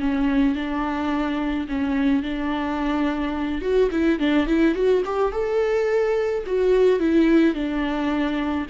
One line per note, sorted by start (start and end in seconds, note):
0.00 0.55 C#4
0.55 1.67 D4
1.68 2.23 C#4
2.23 3.62 D4
3.62 3.90 F#4
3.92 4.19 E4
4.19 4.47 D4
4.47 4.75 E4
4.75 5.03 F#4
5.05 5.32 G4
5.32 6.44 A4
6.46 7.00 F#4
7.00 7.55 E4
7.55 8.67 D4